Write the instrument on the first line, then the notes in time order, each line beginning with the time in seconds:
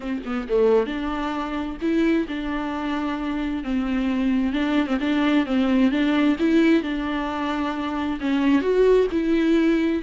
viola
0.00 C4
0.25 B3
0.48 A3
0.86 D4
1.81 E4
2.27 D4
3.63 C4
4.52 D4
4.86 C4
5.00 D4
5.45 C4
5.91 D4
6.39 E4
6.83 D4
8.20 C#4
8.61 F#4
9.11 E4